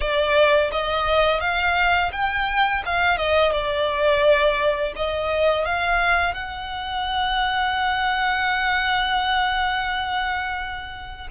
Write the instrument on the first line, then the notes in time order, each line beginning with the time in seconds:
violin
0.00 D5
0.71 D#5
1.40 F5
2.12 G5
2.85 F5
3.17 D#5
3.52 D5
4.95 D#5
5.65 F5
6.34 F#5